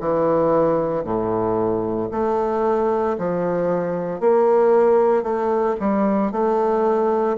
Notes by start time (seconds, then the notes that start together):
0.00 E3
1.03 A2
2.11 A3
3.18 F3
4.20 A#3
5.23 A3
5.80 G3
6.32 A3